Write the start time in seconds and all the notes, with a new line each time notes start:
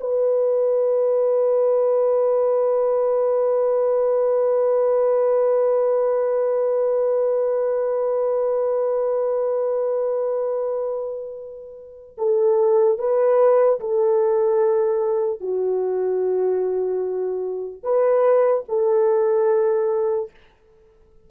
0.00 B4
12.17 A4
12.98 B4
13.80 A4
15.40 F#4
17.83 B4
18.68 A4